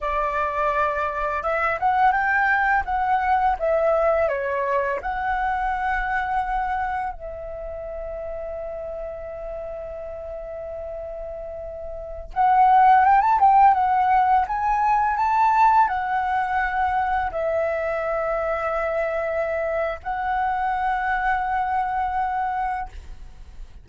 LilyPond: \new Staff \with { instrumentName = "flute" } { \time 4/4 \tempo 4 = 84 d''2 e''8 fis''8 g''4 | fis''4 e''4 cis''4 fis''4~ | fis''2 e''2~ | e''1~ |
e''4~ e''16 fis''4 g''16 a''16 g''8 fis''8.~ | fis''16 gis''4 a''4 fis''4.~ fis''16~ | fis''16 e''2.~ e''8. | fis''1 | }